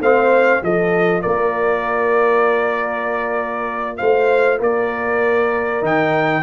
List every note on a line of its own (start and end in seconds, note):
0.00 0.61 A3
0.00 0.62 C4
0.00 0.62 C5
0.00 0.63 F5
0.62 1.24 F3
0.62 5.81 F4
0.62 1.22 A4
0.62 1.22 D#5
1.22 4.00 A#3
1.22 3.97 A#4
1.22 3.97 D5
3.97 4.60 A3
3.97 4.59 C5
3.97 4.58 F5
4.59 5.82 A#3
4.59 6.42 A#4
4.59 5.85 D5
5.81 6.43 D#3
5.81 6.42 D#4
5.81 6.43 G5